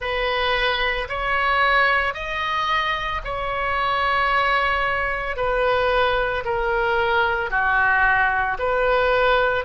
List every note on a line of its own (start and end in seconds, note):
0.00 1.08 B4
1.08 2.14 C#5
2.14 3.21 D#5
3.24 5.36 C#5
5.36 6.43 B4
6.44 7.50 A#4
7.50 8.57 F#4
8.59 9.64 B4